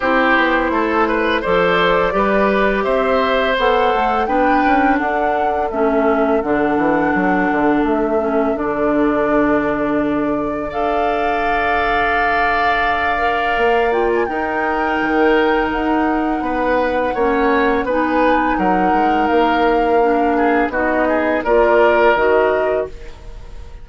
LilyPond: <<
  \new Staff \with { instrumentName = "flute" } { \time 4/4 \tempo 4 = 84 c''2 d''2 | e''4 fis''4 g''4 fis''4 | e''4 fis''2 e''4 | d''2. f''4~ |
f''2.~ f''8 g''16 gis''16 | g''2 fis''2~ | fis''4 gis''4 fis''4 f''4~ | f''4 dis''4 d''4 dis''4 | }
  \new Staff \with { instrumentName = "oboe" } { \time 4/4 g'4 a'8 b'8 c''4 b'4 | c''2 b'4 a'4~ | a'1~ | a'2. d''4~ |
d''1 | ais'2. b'4 | cis''4 b'4 ais'2~ | ais'8 gis'8 fis'8 gis'8 ais'2 | }
  \new Staff \with { instrumentName = "clarinet" } { \time 4/4 e'2 a'4 g'4~ | g'4 a'4 d'2 | cis'4 d'2~ d'8 cis'8 | d'2. a'4~ |
a'2~ a'8 ais'4 f'8 | dis'1 | cis'4 dis'2. | d'4 dis'4 f'4 fis'4 | }
  \new Staff \with { instrumentName = "bassoon" } { \time 4/4 c'8 b8 a4 f4 g4 | c'4 b8 a8 b8 cis'8 d'4 | a4 d8 e8 fis8 d8 a4 | d2. d'4~ |
d'2. ais4 | dis'4 dis4 dis'4 b4 | ais4 b4 fis8 gis8 ais4~ | ais4 b4 ais4 dis4 | }
>>